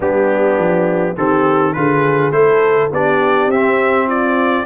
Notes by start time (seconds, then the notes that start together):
0.00 G3 B3 D4 G4
0.58 F3
1.16 D#3 C4 G4 A4
1.73 D3 F4 G#4 B4
2.31 A3 E4 A4 C5
2.91 B3 D4 G4 D5
3.46 C4 E5
3.53 C4
4.07 F4 D5